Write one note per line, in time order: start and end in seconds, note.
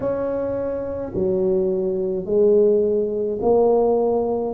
0.00 1.12 C#4
1.14 2.25 F#3
2.25 3.39 G#3
3.41 4.54 A#3